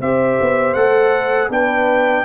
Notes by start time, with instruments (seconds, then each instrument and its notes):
0.00 tuba C4, trombone G4, horn C5, trumpet E5
0.42 tuba B3
0.74 tuba A3, trombone A4, trumpet F#5
1.50 tuba B3, trombone D4, horn B4, trumpet G5